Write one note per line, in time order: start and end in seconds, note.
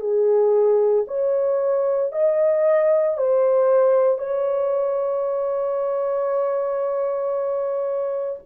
0.00 1.05 G#4
1.07 2.12 C#5
2.12 3.17 D#5
3.17 4.18 C5
4.18 8.39 C#5